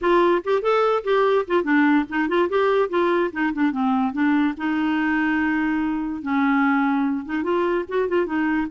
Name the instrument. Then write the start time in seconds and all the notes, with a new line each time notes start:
clarinet
0.01 F4
0.44 G4
0.62 A4
1.04 G4
1.47 F4
1.63 D4
2.09 D#4
2.28 F4
2.49 G4
2.89 F4
3.32 D#4
3.53 D4
3.71 C4
4.13 D4
4.57 D#4
6.22 C#4
7.25 D#4
7.43 F4
7.88 F#4
8.08 F4
8.26 D#4